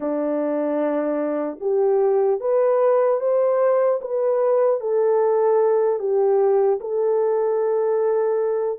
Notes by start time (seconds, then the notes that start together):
0.00 D4
1.60 G4
2.40 B4
3.20 C5
4.01 B4
4.80 A4
5.99 G4
6.80 A4